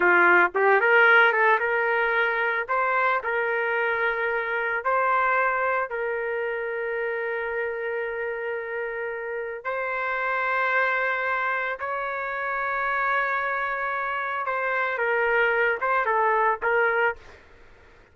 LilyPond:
\new Staff \with { instrumentName = "trumpet" } { \time 4/4 \tempo 4 = 112 f'4 g'8 ais'4 a'8 ais'4~ | ais'4 c''4 ais'2~ | ais'4 c''2 ais'4~ | ais'1~ |
ais'2 c''2~ | c''2 cis''2~ | cis''2. c''4 | ais'4. c''8 a'4 ais'4 | }